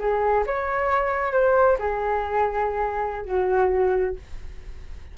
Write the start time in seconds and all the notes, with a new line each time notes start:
0.00 G#4
0.47 C#5
1.33 C5
1.79 G#4
3.26 F#4